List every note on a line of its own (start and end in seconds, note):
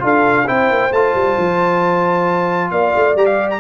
0.00 0.49 D4
0.00 0.45 F4
0.00 0.46 A4
0.06 0.48 F5
0.46 0.71 C4
0.46 0.92 E4
0.46 2.70 C5
0.46 0.93 G5
0.71 0.91 A#3
0.91 1.14 A3
0.91 3.17 F4
0.91 2.71 A5
1.14 1.37 G3
1.38 2.72 F3
2.71 2.94 A#3
2.71 3.60 D5
2.71 3.16 F5
2.96 3.15 A3
3.15 3.60 G3
3.15 3.60 G4
3.15 3.26 A#5
3.26 3.49 F5
3.50 3.60 A#5